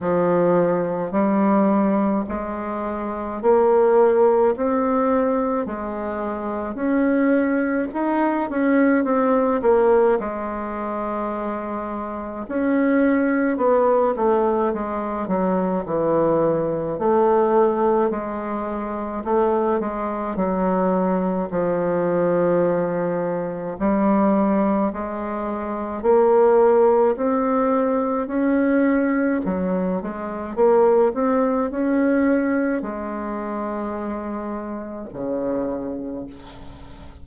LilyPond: \new Staff \with { instrumentName = "bassoon" } { \time 4/4 \tempo 4 = 53 f4 g4 gis4 ais4 | c'4 gis4 cis'4 dis'8 cis'8 | c'8 ais8 gis2 cis'4 | b8 a8 gis8 fis8 e4 a4 |
gis4 a8 gis8 fis4 f4~ | f4 g4 gis4 ais4 | c'4 cis'4 fis8 gis8 ais8 c'8 | cis'4 gis2 cis4 | }